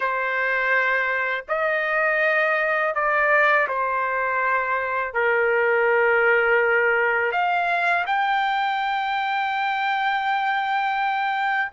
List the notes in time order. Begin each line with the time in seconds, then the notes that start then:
0.00 C5
1.48 D#5
2.94 D5
3.68 C5
5.13 A#4
7.32 F5
8.06 G5